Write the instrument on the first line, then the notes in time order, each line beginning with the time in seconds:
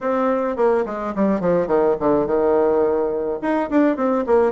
bassoon
0.01 C4
0.56 A#3
0.85 G#3
1.15 G3
1.40 F3
1.67 D#3
1.99 D3
2.26 D#3
3.41 D#4
3.69 D4
3.96 C4
4.26 A#3